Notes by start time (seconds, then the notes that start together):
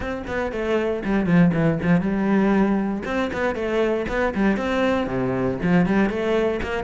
0.00 C4
0.27 B3
0.52 A3
1.04 G3
1.26 F3
1.53 E3
1.82 F3
2.01 G3
3.05 C4
3.32 B3
3.55 A3
4.08 B3
4.34 G3
4.56 C4
5.07 C3
5.62 F3
5.86 G3
6.09 A3
6.62 A#3